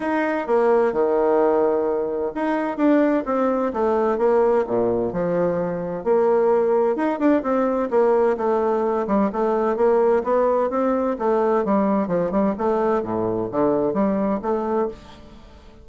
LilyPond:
\new Staff \with { instrumentName = "bassoon" } { \time 4/4 \tempo 4 = 129 dis'4 ais4 dis2~ | dis4 dis'4 d'4 c'4 | a4 ais4 ais,4 f4~ | f4 ais2 dis'8 d'8 |
c'4 ais4 a4. g8 | a4 ais4 b4 c'4 | a4 g4 f8 g8 a4 | a,4 d4 g4 a4 | }